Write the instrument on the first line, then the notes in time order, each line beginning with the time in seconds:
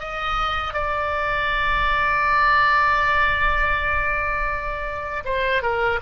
oboe
0.00 D#5
0.74 D5
5.25 C5
5.62 A#4